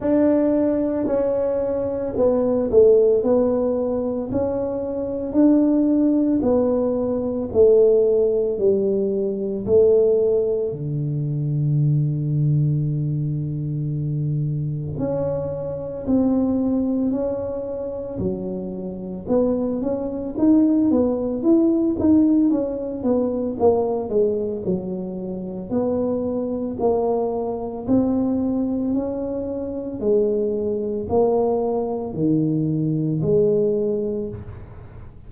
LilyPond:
\new Staff \with { instrumentName = "tuba" } { \time 4/4 \tempo 4 = 56 d'4 cis'4 b8 a8 b4 | cis'4 d'4 b4 a4 | g4 a4 d2~ | d2 cis'4 c'4 |
cis'4 fis4 b8 cis'8 dis'8 b8 | e'8 dis'8 cis'8 b8 ais8 gis8 fis4 | b4 ais4 c'4 cis'4 | gis4 ais4 dis4 gis4 | }